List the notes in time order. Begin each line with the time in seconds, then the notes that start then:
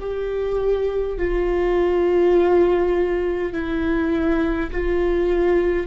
0.00 G4
1.18 F4
3.53 E4
4.71 F4